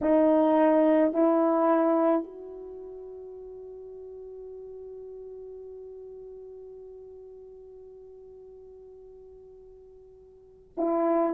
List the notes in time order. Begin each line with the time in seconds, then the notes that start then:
0.01 D#4
1.13 E4
2.23 F#4
10.77 E4